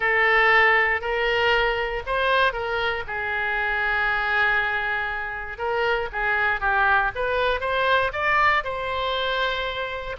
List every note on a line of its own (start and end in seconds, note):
0.00 1.01 A4
1.01 2.02 A#4
2.06 2.52 C5
2.52 3.03 A#4
3.07 5.58 G#4
5.58 6.09 A#4
6.12 6.60 G#4
6.60 7.11 G4
7.15 7.60 B4
7.60 8.11 C5
8.12 8.63 D5
8.63 10.16 C5